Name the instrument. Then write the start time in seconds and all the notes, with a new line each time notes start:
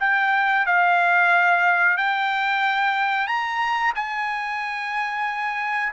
trumpet
0.00 G5
0.66 F5
1.97 G5
3.27 A#5
3.95 G#5